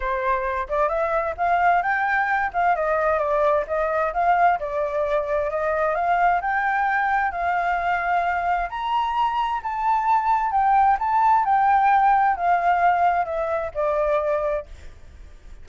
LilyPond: \new Staff \with { instrumentName = "flute" } { \time 4/4 \tempo 4 = 131 c''4. d''8 e''4 f''4 | g''4. f''8 dis''4 d''4 | dis''4 f''4 d''2 | dis''4 f''4 g''2 |
f''2. ais''4~ | ais''4 a''2 g''4 | a''4 g''2 f''4~ | f''4 e''4 d''2 | }